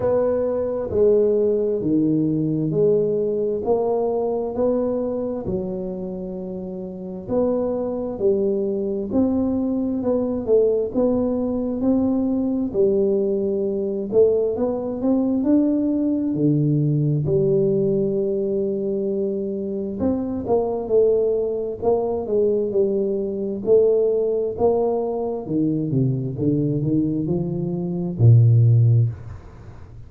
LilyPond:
\new Staff \with { instrumentName = "tuba" } { \time 4/4 \tempo 4 = 66 b4 gis4 dis4 gis4 | ais4 b4 fis2 | b4 g4 c'4 b8 a8 | b4 c'4 g4. a8 |
b8 c'8 d'4 d4 g4~ | g2 c'8 ais8 a4 | ais8 gis8 g4 a4 ais4 | dis8 c8 d8 dis8 f4 ais,4 | }